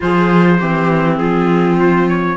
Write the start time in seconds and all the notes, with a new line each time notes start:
0.00 F3 F4 G#4 C5
0.58 E3 C4 G4
1.17 F3 F4 G#4
1.79 C5
2.08 C#5